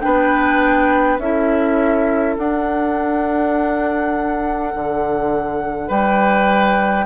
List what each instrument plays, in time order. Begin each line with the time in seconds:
0.00 bassoon B3, clarinet D4, oboe B4, flute G5
1.18 bassoon C#4, clarinet E4, oboe A4, flute E5
2.37 bassoon D4, clarinet D4, flute F#5
4.75 bassoon D3
5.87 bassoon G3, oboe B4, flute G5